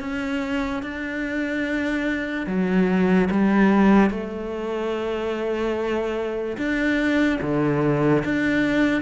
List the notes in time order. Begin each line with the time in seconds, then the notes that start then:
0.00 C#4
0.82 D4
2.46 F#3
3.30 G3
4.10 A3
6.57 D4
7.41 D3
8.24 D4